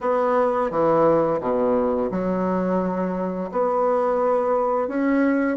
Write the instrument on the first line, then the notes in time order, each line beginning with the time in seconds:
bassoon
0.01 B3
0.70 E3
1.40 B2
2.11 F#3
3.51 B3
4.87 C#4